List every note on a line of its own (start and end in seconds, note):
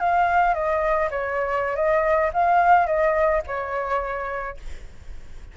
0.00 0.54 F5
0.54 1.09 D#5
1.11 1.76 C#5
1.76 2.31 D#5
2.33 2.87 F5
2.87 3.42 D#5
3.47 4.57 C#5